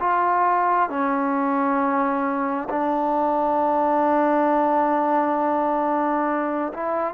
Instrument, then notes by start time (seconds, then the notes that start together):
trombone
0.00 F4
0.89 C#4
2.69 D4
6.73 E4